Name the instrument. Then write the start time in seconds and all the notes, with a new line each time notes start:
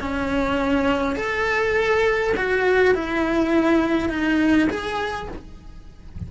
cello
0.00 C#4
1.16 A4
2.36 F#4
2.94 E4
4.09 D#4
4.70 G#4